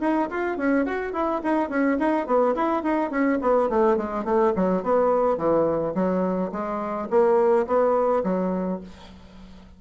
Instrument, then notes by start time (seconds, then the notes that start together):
bassoon
0.00 D#4
0.30 F4
0.57 C#4
0.85 F#4
1.13 E4
1.44 D#4
1.70 C#4
1.99 D#4
2.26 B3
2.55 E4
2.83 D#4
3.10 C#4
3.41 B3
3.69 A3
3.97 G#3
4.25 A3
4.56 F#3
4.83 B3
5.37 E3
5.95 F#3
6.52 G#3
7.10 A#3
7.67 B3
8.24 F#3